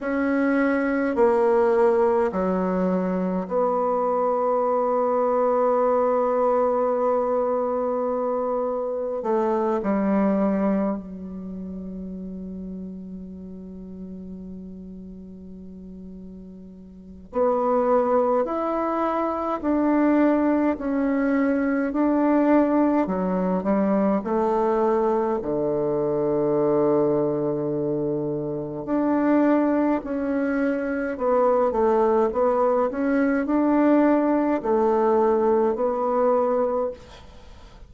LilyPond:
\new Staff \with { instrumentName = "bassoon" } { \time 4/4 \tempo 4 = 52 cis'4 ais4 fis4 b4~ | b1 | a8 g4 fis2~ fis8~ | fis2. b4 |
e'4 d'4 cis'4 d'4 | fis8 g8 a4 d2~ | d4 d'4 cis'4 b8 a8 | b8 cis'8 d'4 a4 b4 | }